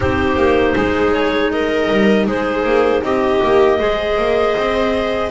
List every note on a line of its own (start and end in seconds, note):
0.00 0.36 C4
0.00 3.78 D#4
0.00 0.75 G4
0.00 1.13 C5
0.36 0.74 A#3
0.75 1.89 G#3
0.75 1.52 G#4
1.13 1.50 C#5
1.50 2.26 A#4
1.50 2.26 D#5
1.90 2.27 G3
2.26 2.64 G#3
2.26 3.02 G#4
2.26 3.03 C5
2.64 3.02 A#3
3.02 3.40 C4
3.02 3.78 G4
3.02 5.31 D#5
3.43 3.80 A#3
3.78 4.17 G#3
3.78 5.30 G#4
3.78 5.30 C5
4.17 4.55 A#3
4.56 5.31 C4